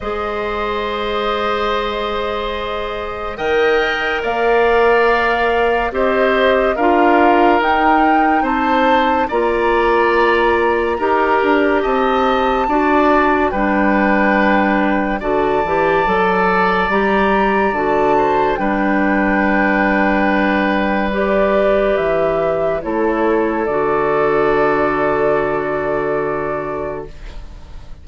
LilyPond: <<
  \new Staff \with { instrumentName = "flute" } { \time 4/4 \tempo 4 = 71 dis''1 | g''4 f''2 dis''4 | f''4 g''4 a''4 ais''4~ | ais''2 a''2 |
g''2 a''2 | ais''4 a''4 g''2~ | g''4 d''4 e''4 cis''4 | d''1 | }
  \new Staff \with { instrumentName = "oboe" } { \time 4/4 c''1 | dis''4 d''2 c''4 | ais'2 c''4 d''4~ | d''4 ais'4 dis''4 d''4 |
b'2 d''2~ | d''4. c''8 b'2~ | b'2. a'4~ | a'1 | }
  \new Staff \with { instrumentName = "clarinet" } { \time 4/4 gis'1 | ais'2. g'4 | f'4 dis'2 f'4~ | f'4 g'2 fis'4 |
d'2 fis'8 g'8 a'4 | g'4 fis'4 d'2~ | d'4 g'2 e'4 | fis'1 | }
  \new Staff \with { instrumentName = "bassoon" } { \time 4/4 gis1 | dis4 ais2 c'4 | d'4 dis'4 c'4 ais4~ | ais4 dis'8 d'8 c'4 d'4 |
g2 d8 e8 fis4 | g4 d4 g2~ | g2 e4 a4 | d1 | }
>>